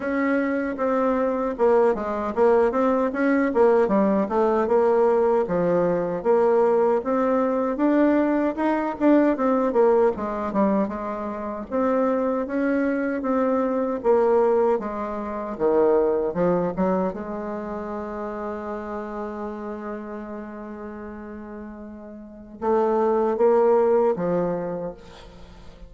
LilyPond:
\new Staff \with { instrumentName = "bassoon" } { \time 4/4 \tempo 4 = 77 cis'4 c'4 ais8 gis8 ais8 c'8 | cis'8 ais8 g8 a8 ais4 f4 | ais4 c'4 d'4 dis'8 d'8 | c'8 ais8 gis8 g8 gis4 c'4 |
cis'4 c'4 ais4 gis4 | dis4 f8 fis8 gis2~ | gis1~ | gis4 a4 ais4 f4 | }